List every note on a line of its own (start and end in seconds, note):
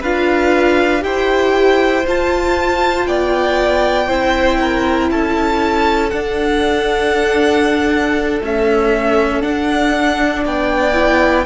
0.00 1.03 D4
0.00 1.00 F4
0.00 1.02 B4
0.00 1.03 F5
1.00 2.05 E4
1.00 2.02 G4
1.00 3.08 C5
1.00 2.05 G5
2.07 4.07 F4
2.07 3.07 F4
2.07 3.06 A5
3.06 4.08 B3
3.06 4.07 D5
3.06 5.10 G5
4.07 5.10 C4
4.07 6.11 E4
4.07 4.58 C5
4.61 5.11 A#4
5.10 6.12 C#4
5.10 10.44 A4
5.10 6.10 A5
6.10 8.41 D4
6.10 8.39 F#5
8.41 9.41 A3
8.41 9.43 C#4
8.41 9.42 E5
9.41 10.93 D4
9.41 10.45 D4
9.41 10.43 F#5
10.44 11.46 B3
10.44 11.46 D5
10.44 11.46 G5
10.93 11.44 E4